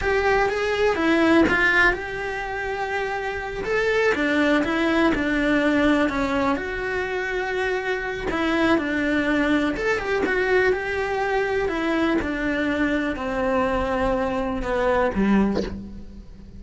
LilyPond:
\new Staff \with { instrumentName = "cello" } { \time 4/4 \tempo 4 = 123 g'4 gis'4 e'4 f'4 | g'2.~ g'8 a'8~ | a'8 d'4 e'4 d'4.~ | d'8 cis'4 fis'2~ fis'8~ |
fis'4 e'4 d'2 | a'8 g'8 fis'4 g'2 | e'4 d'2 c'4~ | c'2 b4 g4 | }